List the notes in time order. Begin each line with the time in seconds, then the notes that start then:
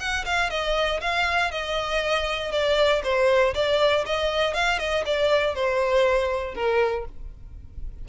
0.00 F#5
0.25 F5
0.50 D#5
1.01 F5
1.51 D#5
2.52 D5
3.04 C5
3.55 D5
4.06 D#5
4.54 F5
4.79 D#5
5.06 D5
5.55 C5
6.55 A#4